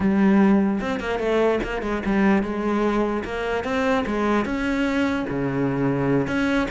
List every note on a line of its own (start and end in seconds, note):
0.00 0.80 G3
0.81 1.00 C4
1.00 1.19 A#3
1.19 1.59 A3
1.63 1.82 A#3
1.82 2.02 G#3
2.05 2.42 G3
2.42 3.23 G#3
3.24 3.64 A#3
3.64 4.04 C4
4.06 4.45 G#3
4.45 5.26 C#4
5.29 6.27 C#3
6.27 6.67 C#4